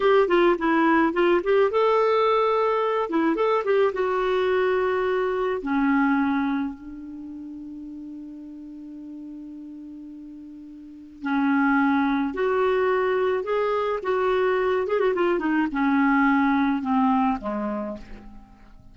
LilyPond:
\new Staff \with { instrumentName = "clarinet" } { \time 4/4 \tempo 4 = 107 g'8 f'8 e'4 f'8 g'8 a'4~ | a'4. e'8 a'8 g'8 fis'4~ | fis'2 cis'2 | d'1~ |
d'1 | cis'2 fis'2 | gis'4 fis'4. gis'16 fis'16 f'8 dis'8 | cis'2 c'4 gis4 | }